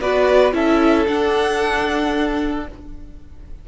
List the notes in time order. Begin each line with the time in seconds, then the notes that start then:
0.00 B3 F#4 B4 D5
0.52 C#4 E4 A4 E5
1.06 D4 F#5